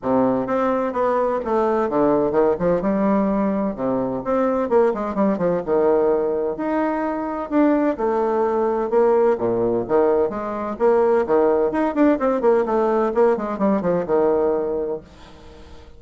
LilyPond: \new Staff \with { instrumentName = "bassoon" } { \time 4/4 \tempo 4 = 128 c4 c'4 b4 a4 | d4 dis8 f8 g2 | c4 c'4 ais8 gis8 g8 f8 | dis2 dis'2 |
d'4 a2 ais4 | ais,4 dis4 gis4 ais4 | dis4 dis'8 d'8 c'8 ais8 a4 | ais8 gis8 g8 f8 dis2 | }